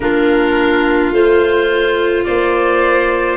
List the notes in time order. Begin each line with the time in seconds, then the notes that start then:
0.00 A#3 D4 F4 A#4
1.11 A3 F4 C5
2.24 A#3 C5 D5